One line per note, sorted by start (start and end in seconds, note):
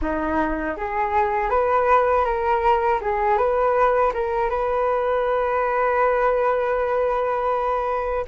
0.01 0.76 D#4
0.77 1.50 G#4
1.50 2.25 B4
2.25 3.00 A#4
3.01 3.37 G#4
3.37 4.12 B4
4.13 4.49 A#4
4.49 8.24 B4